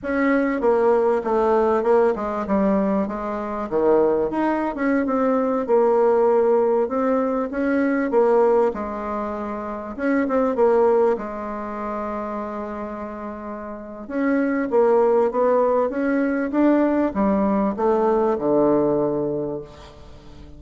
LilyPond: \new Staff \with { instrumentName = "bassoon" } { \time 4/4 \tempo 4 = 98 cis'4 ais4 a4 ais8 gis8 | g4 gis4 dis4 dis'8. cis'16~ | cis'16 c'4 ais2 c'8.~ | c'16 cis'4 ais4 gis4.~ gis16~ |
gis16 cis'8 c'8 ais4 gis4.~ gis16~ | gis2. cis'4 | ais4 b4 cis'4 d'4 | g4 a4 d2 | }